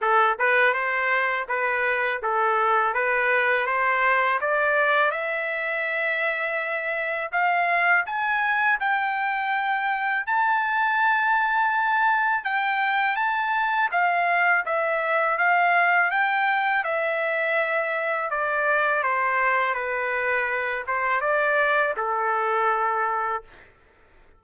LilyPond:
\new Staff \with { instrumentName = "trumpet" } { \time 4/4 \tempo 4 = 82 a'8 b'8 c''4 b'4 a'4 | b'4 c''4 d''4 e''4~ | e''2 f''4 gis''4 | g''2 a''2~ |
a''4 g''4 a''4 f''4 | e''4 f''4 g''4 e''4~ | e''4 d''4 c''4 b'4~ | b'8 c''8 d''4 a'2 | }